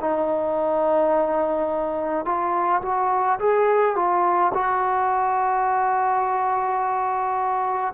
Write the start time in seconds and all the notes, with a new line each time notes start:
0.00 D#4
2.25 F4
2.82 F#4
3.39 G#4
3.96 F4
4.54 F#4